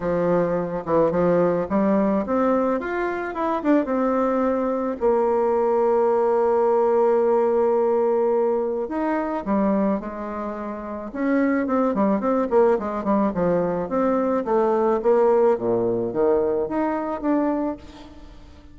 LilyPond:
\new Staff \with { instrumentName = "bassoon" } { \time 4/4 \tempo 4 = 108 f4. e8 f4 g4 | c'4 f'4 e'8 d'8 c'4~ | c'4 ais2.~ | ais1 |
dis'4 g4 gis2 | cis'4 c'8 g8 c'8 ais8 gis8 g8 | f4 c'4 a4 ais4 | ais,4 dis4 dis'4 d'4 | }